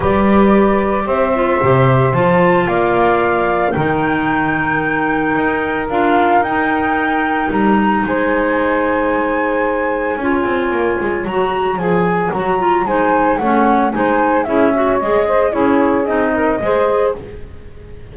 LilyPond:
<<
  \new Staff \with { instrumentName = "flute" } { \time 4/4 \tempo 4 = 112 d''2 e''2 | a''4 f''2 g''4~ | g''2. f''4 | g''2 ais''4 gis''4~ |
gis''1~ | gis''4 ais''4 gis''4 ais''4 | gis''4 fis''4 gis''4 e''4 | dis''4 cis''4 dis''2 | }
  \new Staff \with { instrumentName = "saxophone" } { \time 4/4 b'2 c''2~ | c''4 d''2 ais'4~ | ais'1~ | ais'2. c''4~ |
c''2. cis''4~ | cis''1 | c''4 cis''4 c''4 gis'8 cis''8~ | cis''8 c''8 gis'4. ais'8 c''4 | }
  \new Staff \with { instrumentName = "clarinet" } { \time 4/4 g'2~ g'8 f'8 g'4 | f'2. dis'4~ | dis'2. f'4 | dis'1~ |
dis'2. f'4~ | f'4 fis'4 gis'4 fis'8 f'8 | dis'4 cis'4 dis'4 e'8 fis'8 | gis'4 e'4 dis'4 gis'4 | }
  \new Staff \with { instrumentName = "double bass" } { \time 4/4 g2 c'4 c4 | f4 ais2 dis4~ | dis2 dis'4 d'4 | dis'2 g4 gis4~ |
gis2. cis'8 c'8 | ais8 gis8 fis4 f4 fis4 | gis4 a4 gis4 cis'4 | gis4 cis'4 c'4 gis4 | }
>>